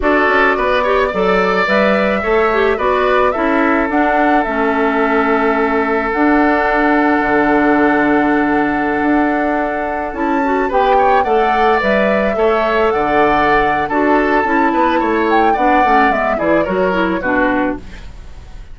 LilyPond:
<<
  \new Staff \with { instrumentName = "flute" } { \time 4/4 \tempo 4 = 108 d''2. e''4~ | e''4 d''4 e''4 fis''4 | e''2. fis''4~ | fis''1~ |
fis''2~ fis''16 a''4 g''8.~ | g''16 fis''4 e''2 fis''8.~ | fis''4 a''2~ a''8 g''8 | fis''4 e''8 d''8 cis''4 b'4 | }
  \new Staff \with { instrumentName = "oboe" } { \time 4/4 a'4 b'8 cis''8 d''2 | cis''4 b'4 a'2~ | a'1~ | a'1~ |
a'2.~ a'16 b'8 cis''16~ | cis''16 d''2 cis''4 d''8.~ | d''4 a'4. b'8 cis''4 | d''4. gis'8 ais'4 fis'4 | }
  \new Staff \with { instrumentName = "clarinet" } { \time 4/4 fis'4. g'8 a'4 b'4 | a'8 g'8 fis'4 e'4 d'4 | cis'2. d'4~ | d'1~ |
d'2~ d'16 e'8 fis'8 g'8.~ | g'16 a'4 b'4 a'4.~ a'16~ | a'4 fis'4 e'2 | d'8 cis'8 b8 e'8 fis'8 e'8 d'4 | }
  \new Staff \with { instrumentName = "bassoon" } { \time 4/4 d'8 cis'8 b4 fis4 g4 | a4 b4 cis'4 d'4 | a2. d'4~ | d'4 d2.~ |
d16 d'2 cis'4 b8.~ | b16 a4 g4 a4 d8.~ | d4 d'4 cis'8 b8 a4 | b8 a8 gis8 e8 fis4 b,4 | }
>>